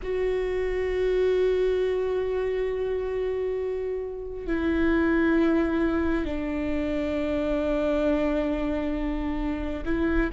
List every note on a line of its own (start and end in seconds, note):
0.02 4.47 F#4
4.47 6.25 E4
6.25 9.83 D4
9.85 10.30 E4